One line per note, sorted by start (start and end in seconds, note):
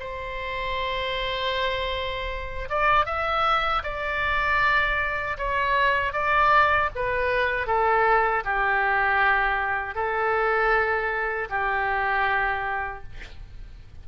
0.00 2.69 C5
2.70 3.06 D5
3.06 3.83 E5
3.84 5.37 D5
5.38 6.13 C#5
6.13 6.90 D5
6.95 7.67 B4
7.67 8.44 A4
8.45 9.95 G4
9.95 11.49 A4
11.50 13.04 G4